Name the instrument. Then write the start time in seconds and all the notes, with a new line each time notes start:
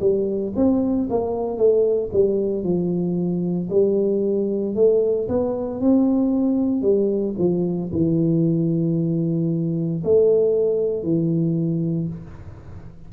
tuba
0.00 G3
0.56 C4
1.09 A#3
1.57 A3
2.12 G3
2.63 F3
3.69 G3
4.75 A3
5.28 B3
5.80 C4
6.81 G3
7.38 F3
7.92 E3
10.03 A3
11.03 E3